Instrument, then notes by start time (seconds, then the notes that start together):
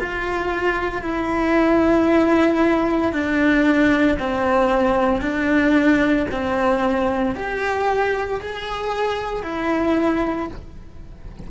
cello
0.00 F4
1.02 E4
3.13 D4
4.20 C4
5.22 D4
6.32 C4
7.35 G4
8.41 G#4
9.43 E4